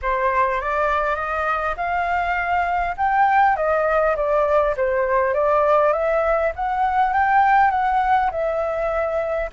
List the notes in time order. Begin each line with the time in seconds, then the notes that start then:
0.02 C5
0.60 D5
1.15 D#5
1.76 F5
2.97 G5
3.56 D#5
4.16 D5
4.76 C5
5.33 D5
5.92 E5
6.55 F#5
7.13 G5
7.70 F#5
8.31 E5